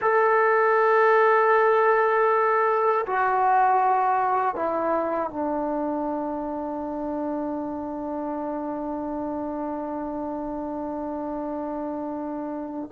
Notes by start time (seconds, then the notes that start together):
0.01 A4
3.06 F#4
4.55 E4
5.30 D4